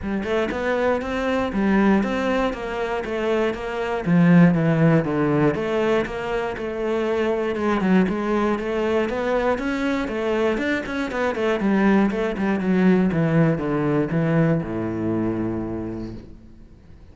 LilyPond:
\new Staff \with { instrumentName = "cello" } { \time 4/4 \tempo 4 = 119 g8 a8 b4 c'4 g4 | c'4 ais4 a4 ais4 | f4 e4 d4 a4 | ais4 a2 gis8 fis8 |
gis4 a4 b4 cis'4 | a4 d'8 cis'8 b8 a8 g4 | a8 g8 fis4 e4 d4 | e4 a,2. | }